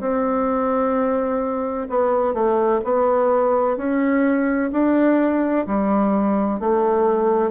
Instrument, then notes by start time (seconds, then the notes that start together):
bassoon
0.00 C4
1.90 B3
2.34 A3
2.84 B3
3.77 C#4
4.73 D4
5.67 G3
6.60 A3